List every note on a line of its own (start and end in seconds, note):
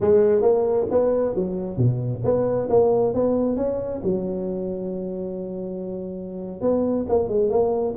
0.00 0.41 G#3
0.41 0.86 A#3
0.90 1.35 B3
1.35 1.77 F#3
1.77 2.22 B2
2.24 2.69 B3
2.69 3.14 A#3
3.14 3.56 B3
3.56 4.01 C#4
4.03 6.61 F#3
6.61 7.06 B3
7.08 7.28 A#3
7.28 7.49 G#3
7.49 7.94 A#3